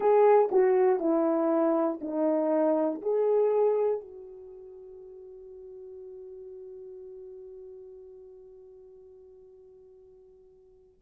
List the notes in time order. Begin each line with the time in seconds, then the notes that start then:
0.00 G#4
0.51 F#4
1.00 E4
2.01 D#4
3.01 G#4
4.00 F#4